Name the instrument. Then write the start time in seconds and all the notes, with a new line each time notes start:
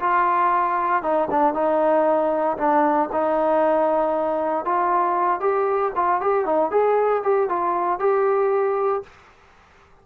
trombone
0.00 F4
1.03 D#4
1.31 D4
1.54 D#4
2.58 D4
3.13 D#4
4.65 F4
5.41 G4
5.96 F4
6.22 G4
6.46 D#4
6.71 G#4
7.23 G4
7.49 F4
8.00 G4